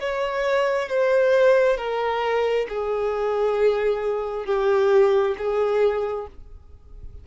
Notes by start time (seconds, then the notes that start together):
0.00 C#5
0.89 C5
1.77 A#4
2.69 G#4
4.46 G4
5.38 G#4